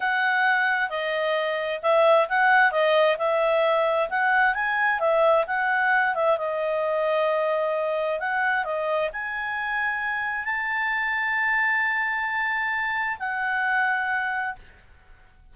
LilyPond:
\new Staff \with { instrumentName = "clarinet" } { \time 4/4 \tempo 4 = 132 fis''2 dis''2 | e''4 fis''4 dis''4 e''4~ | e''4 fis''4 gis''4 e''4 | fis''4. e''8 dis''2~ |
dis''2 fis''4 dis''4 | gis''2. a''4~ | a''1~ | a''4 fis''2. | }